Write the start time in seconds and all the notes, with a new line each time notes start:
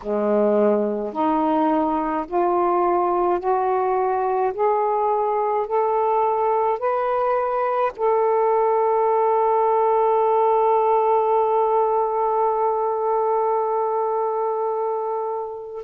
0.02 G#3
1.12 D#4
2.27 F4
3.40 F#4
4.53 G#4
5.66 A4
6.79 B4
7.96 A4